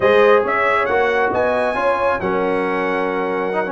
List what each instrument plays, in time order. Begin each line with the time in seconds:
0.00 tuba G#3, trombone G#4, horn C5, trumpet D#5
0.43 tuba C#4, horn C#5, trumpet E5
0.85 tuba A#3, trombone F#4, trumpet F#5
1.31 tuba B3, horn D#5, trumpet G#5
1.74 tuba C#4, trombone F4, horn C#5
2.20 tuba F#3, trombone C#4, horn A#4, trumpet F#5
3.52 trombone D#4
3.66 trombone C#4